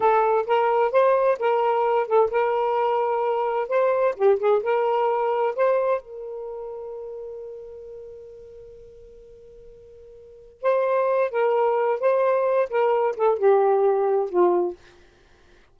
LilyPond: \new Staff \with { instrumentName = "saxophone" } { \time 4/4 \tempo 4 = 130 a'4 ais'4 c''4 ais'4~ | ais'8 a'8 ais'2. | c''4 g'8 gis'8 ais'2 | c''4 ais'2.~ |
ais'1~ | ais'2. c''4~ | c''8 ais'4. c''4. ais'8~ | ais'8 a'8 g'2 f'4 | }